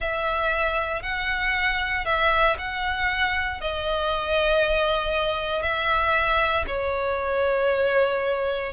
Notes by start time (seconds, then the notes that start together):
0.00 E5
1.02 F#5
2.05 E5
2.58 F#5
3.61 D#5
5.62 E5
6.67 C#5